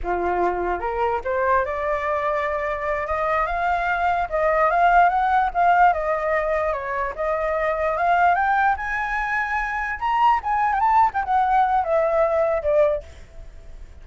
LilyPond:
\new Staff \with { instrumentName = "flute" } { \time 4/4 \tempo 4 = 147 f'2 ais'4 c''4 | d''2.~ d''8 dis''8~ | dis''8 f''2 dis''4 f''8~ | f''8 fis''4 f''4 dis''4.~ |
dis''8 cis''4 dis''2 f''8~ | f''8 g''4 gis''2~ gis''8~ | gis''8 ais''4 gis''8. g''16 a''8. g''16 fis''8~ | fis''4 e''2 d''4 | }